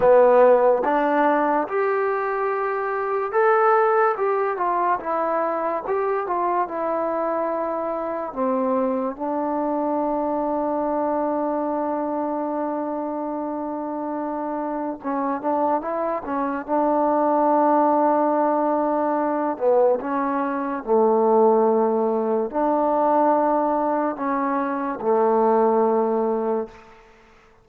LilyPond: \new Staff \with { instrumentName = "trombone" } { \time 4/4 \tempo 4 = 72 b4 d'4 g'2 | a'4 g'8 f'8 e'4 g'8 f'8 | e'2 c'4 d'4~ | d'1~ |
d'2 cis'8 d'8 e'8 cis'8 | d'2.~ d'8 b8 | cis'4 a2 d'4~ | d'4 cis'4 a2 | }